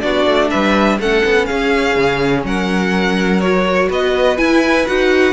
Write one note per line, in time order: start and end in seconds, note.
0.00 0.26 B3
0.00 0.98 D4
0.00 0.50 F#4
0.00 0.48 D5
0.26 0.50 A3
0.50 0.99 G3
0.50 0.98 B4
0.50 0.98 E5
0.99 1.23 A3
0.99 3.43 C#4
0.99 1.47 A4
0.99 1.45 F#5
1.25 1.49 B3
1.45 1.95 C#4
1.45 2.44 G#4
1.45 2.42 F5
1.95 2.44 C#3
2.44 3.89 F#3
2.44 3.89 A#4
2.44 3.40 F#5
3.40 4.37 F#4
3.40 3.89 C#5
3.89 4.38 B3
3.89 5.33 B4
3.89 4.37 D#5
4.37 4.85 E4
4.37 4.87 E4
4.37 4.86 G#5
4.86 5.33 D#4
4.86 5.33 F#4
4.86 5.33 F#5